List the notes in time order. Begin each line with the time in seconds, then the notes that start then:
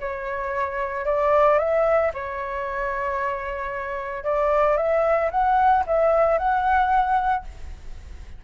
0.00 C#5
1.05 D5
1.58 E5
2.14 C#5
4.24 D5
4.77 E5
5.31 F#5
5.87 E5
6.38 F#5